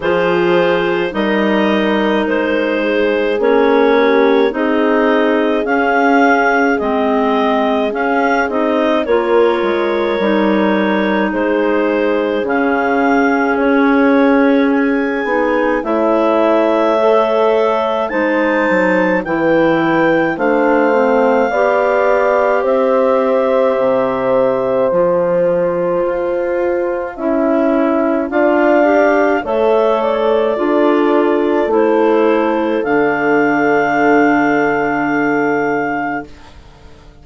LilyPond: <<
  \new Staff \with { instrumentName = "clarinet" } { \time 4/4 \tempo 4 = 53 c''4 dis''4 c''4 cis''4 | dis''4 f''4 dis''4 f''8 dis''8 | cis''2 c''4 f''4 | cis''4 gis''4 e''2 |
a''4 g''4 f''2 | e''2 a''2~ | a''4 f''4 e''8 d''4. | c''4 f''2. | }
  \new Staff \with { instrumentName = "horn" } { \time 4/4 gis'4 ais'4. gis'4 g'8 | gis'1 | ais'2 gis'2~ | gis'2 cis''2 |
c''4 b'4 c''4 d''4 | c''1 | e''4 d''4 cis''4 a'4~ | a'1 | }
  \new Staff \with { instrumentName = "clarinet" } { \time 4/4 f'4 dis'2 cis'4 | dis'4 cis'4 c'4 cis'8 dis'8 | f'4 dis'2 cis'4~ | cis'4. dis'8 e'4 a'4 |
dis'4 e'4 d'8 c'8 g'4~ | g'2 f'2 | e'4 f'8 g'8 a'4 f'4 | e'4 d'2. | }
  \new Staff \with { instrumentName = "bassoon" } { \time 4/4 f4 g4 gis4 ais4 | c'4 cis'4 gis4 cis'8 c'8 | ais8 gis8 g4 gis4 cis4 | cis'4. b8 a2 |
gis8 fis8 e4 a4 b4 | c'4 c4 f4 f'4 | cis'4 d'4 a4 d'4 | a4 d2. | }
>>